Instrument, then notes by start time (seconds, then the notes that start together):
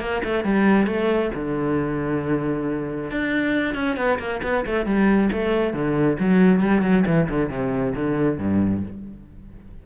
cello
0.00 A#3
0.24 A3
0.44 G3
0.87 A3
1.34 D3
3.11 D4
3.75 C#4
3.96 B3
4.19 A#3
4.43 B3
4.66 A3
4.85 G3
5.32 A3
5.73 D3
6.19 F#3
6.61 G3
6.82 F#3
7.06 E3
7.29 D3
7.50 C3
7.95 D3
8.39 G2